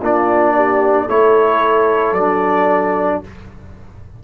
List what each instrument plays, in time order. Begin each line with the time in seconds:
0.00 tuba A#3, trombone D4, horn F4, trumpet D5
0.56 horn G4
1.06 tuba A3, trombone E4, horn A4, trumpet C#5
2.12 tuba F#3, trombone D4, trumpet D5